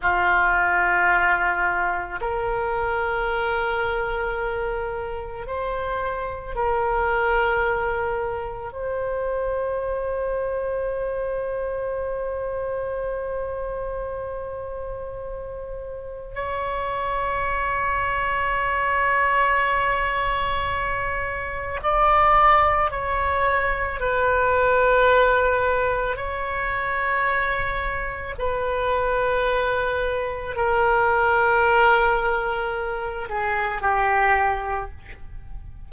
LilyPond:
\new Staff \with { instrumentName = "oboe" } { \time 4/4 \tempo 4 = 55 f'2 ais'2~ | ais'4 c''4 ais'2 | c''1~ | c''2. cis''4~ |
cis''1 | d''4 cis''4 b'2 | cis''2 b'2 | ais'2~ ais'8 gis'8 g'4 | }